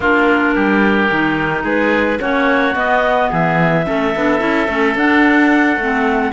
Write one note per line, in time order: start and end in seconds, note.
0.00 0.55 A#3
0.00 1.11 D4
0.00 0.54 F4
0.00 1.63 A#4
0.54 1.10 G3
0.54 1.63 G4
1.11 1.63 D#3
1.11 2.19 D#4
1.63 2.18 G#3
1.63 2.18 G#4
1.63 2.21 B4
2.19 2.75 A#3
2.19 2.74 C#4
2.19 3.30 F#4
2.19 2.75 C#5
2.74 3.84 B3
2.74 3.30 B3
2.74 3.30 D#5
3.30 3.86 E3
3.30 3.85 G#4
3.30 4.97 E5
3.85 4.15 A3
3.85 4.13 C#4
3.85 6.32 A4
4.15 4.40 B3
4.15 4.39 D4
4.39 4.68 C#4
4.39 4.66 E4
4.68 4.94 A3
4.68 4.96 C#4
4.94 5.76 D4
4.94 5.80 D4
4.94 6.32 F#5
5.76 6.31 A3
5.76 6.32 C4